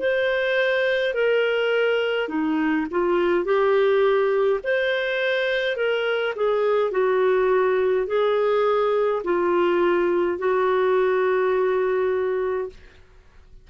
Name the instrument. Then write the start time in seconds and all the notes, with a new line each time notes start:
clarinet
0.00 C5
1.15 A#4
2.29 D#4
2.92 F4
3.45 G4
4.64 C5
5.77 A#4
6.36 G#4
6.92 F#4
8.08 G#4
9.25 F4
10.39 F#4